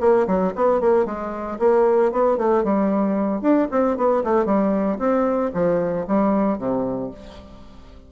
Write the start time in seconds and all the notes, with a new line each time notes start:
0.00 A#3
0.27 F#3
0.55 B3
0.80 A#3
1.05 G#3
1.59 A#3
2.11 B3
2.37 A3
2.64 G3
3.41 D4
3.71 C4
3.97 B3
4.23 A3
4.45 G3
4.98 C4
5.53 F3
6.07 G3
6.58 C3